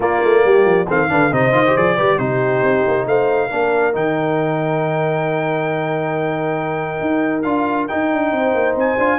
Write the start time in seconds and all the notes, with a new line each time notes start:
0.00 A#3 F4 D5
0.23 A3
0.44 G3 G4
0.65 F3
0.86 D#3 C4 A4 F5
1.08 D3 D4 B4
1.31 C3 D#4 C5 D#5
1.51 D#3 F4
1.66 G4
1.76 F3 G#4 D5
1.95 G3 G4 B4
2.18 C3 D#4 G4 C5
2.61 C4
2.87 A#3
3.06 A3 C5 F5
3.49 A#3 D4 A#4
3.92 D#3 D#4 G5
7.01 D#4
7.42 D4 F4 F5
7.87 D#4 G5
8.12 D4
8.32 C4 C5
8.54 A#3
8.75 C4 G#5
8.98 D4 F4